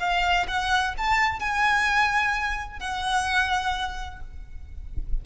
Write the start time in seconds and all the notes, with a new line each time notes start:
0.00 F5
0.48 F#5
0.98 A5
1.40 G#5
2.80 F#5